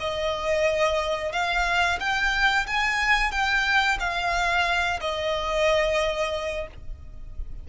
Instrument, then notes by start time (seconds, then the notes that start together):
violin
0.00 D#5
1.32 F5
2.00 G5
2.67 G#5
3.32 G5
4.00 F5
5.01 D#5